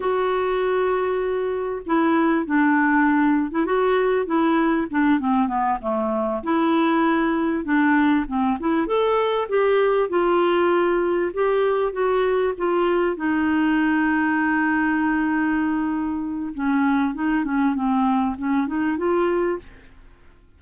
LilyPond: \new Staff \with { instrumentName = "clarinet" } { \time 4/4 \tempo 4 = 98 fis'2. e'4 | d'4.~ d'16 e'16 fis'4 e'4 | d'8 c'8 b8 a4 e'4.~ | e'8 d'4 c'8 e'8 a'4 g'8~ |
g'8 f'2 g'4 fis'8~ | fis'8 f'4 dis'2~ dis'8~ | dis'2. cis'4 | dis'8 cis'8 c'4 cis'8 dis'8 f'4 | }